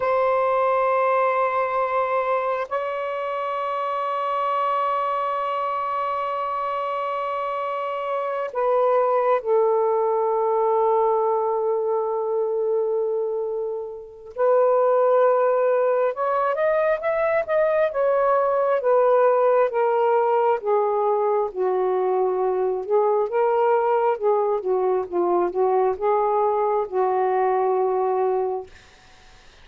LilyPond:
\new Staff \with { instrumentName = "saxophone" } { \time 4/4 \tempo 4 = 67 c''2. cis''4~ | cis''1~ | cis''4. b'4 a'4.~ | a'1 |
b'2 cis''8 dis''8 e''8 dis''8 | cis''4 b'4 ais'4 gis'4 | fis'4. gis'8 ais'4 gis'8 fis'8 | f'8 fis'8 gis'4 fis'2 | }